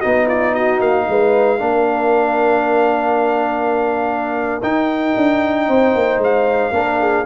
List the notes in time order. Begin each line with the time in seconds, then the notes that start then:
0.00 B3 D#4 F#4 D#5
0.27 F4 D5
0.54 F#4 D#5
0.81 A#3 F5
1.09 G#3 B4
1.59 A#3 D4 A#4
4.63 D#4 G5
5.17 D4
5.69 C4 C5
5.95 A#3
6.18 G#3 F5
6.72 A#3 D4 A#4
7.01 G#4